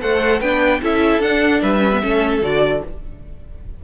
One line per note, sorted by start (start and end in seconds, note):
0.00 0.41 A3
0.00 0.40 A4
0.00 0.41 C5
0.00 0.41 F#5
0.41 0.81 B3
0.41 0.82 D4
0.41 0.81 B4
0.41 0.81 G5
0.82 1.19 C#4
0.82 1.23 E4
0.82 1.62 A4
0.82 1.22 E5
1.19 1.60 D4
1.19 1.80 D4
1.19 1.62 F#5
1.62 2.03 G3
1.62 2.02 B4
1.62 2.43 E5
1.80 1.90 C#4
1.93 2.02 B3
2.02 2.42 A3
2.02 2.42 C#4
2.02 2.84 A4
2.42 2.82 D3
2.42 2.83 F#4
2.42 2.84 D5